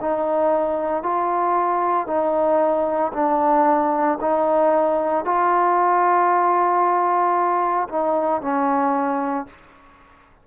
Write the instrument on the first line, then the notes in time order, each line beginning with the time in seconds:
trombone
0.00 D#4
1.02 F4
2.07 D#4
3.13 D4
4.21 D#4
5.24 F4
7.89 D#4
8.41 C#4